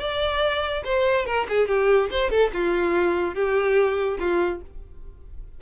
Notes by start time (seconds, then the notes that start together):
0.00 D5
0.85 C5
1.26 A#4
1.49 G#4
1.68 G4
2.11 C5
2.31 A4
2.54 F4
3.35 G4
4.20 F4